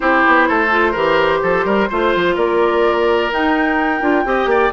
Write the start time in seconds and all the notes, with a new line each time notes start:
0.00 C4 E4 G4 C5
0.26 B3
0.48 A3 A4
0.70 F4
0.91 E3 G4 A#4
1.42 F3 A4
1.64 G3 A#4
1.89 A3 F4 C5
2.15 F3
2.35 A#3 A#4 D5
3.30 D#4 G5
4.01 D4 F4
4.25 C4 G4 D#5
4.46 A#3 D5